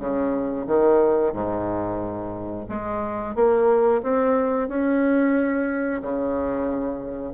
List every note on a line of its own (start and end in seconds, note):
0.00 0.67 C#3
0.67 1.33 D#3
1.33 2.66 G#2
2.69 3.35 G#3
3.35 4.02 A#3
4.03 4.69 C4
4.69 6.02 C#4
6.02 7.34 C#3